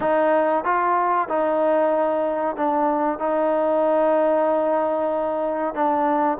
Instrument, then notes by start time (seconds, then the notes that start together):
trombone
0.00 D#4
0.64 F4
1.28 D#4
2.56 D4
3.19 D#4
5.74 D4